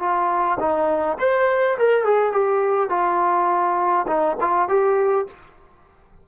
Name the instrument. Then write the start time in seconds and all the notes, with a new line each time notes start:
trombone
0.00 F4
0.60 D#4
1.20 C5
1.78 A#4
2.05 G#4
2.32 G4
2.90 F4
4.08 D#4
4.41 F4
4.69 G4